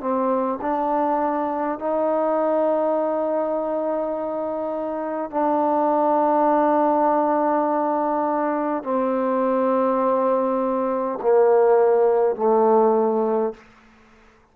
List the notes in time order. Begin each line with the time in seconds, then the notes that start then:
0.00 C4
0.61 D4
1.79 D#4
5.30 D4
8.83 C4
11.22 A#3
12.36 A3